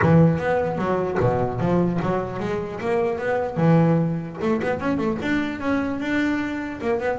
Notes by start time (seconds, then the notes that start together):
0.02 E3
0.38 B3
0.78 F#3
1.19 B2
1.60 F3
2.01 F#3
2.39 G#3
2.80 A#3
3.18 B3
3.57 E3
4.41 A3
4.62 B3
4.80 C#4
4.97 A3
5.21 D4
5.60 C#4
6.00 D4
6.81 A#3
6.99 B3